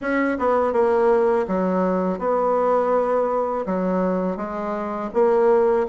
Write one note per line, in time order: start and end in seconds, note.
0.01 0.37 C#4
0.39 0.72 B3
0.72 1.45 A#3
1.47 2.19 F#3
2.19 3.65 B3
3.66 4.37 F#3
4.37 5.10 G#3
5.13 5.86 A#3